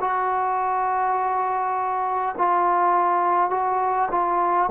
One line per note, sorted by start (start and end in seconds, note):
0.00 2.35 F#4
2.38 3.50 F4
3.50 4.09 F#4
4.11 4.70 F4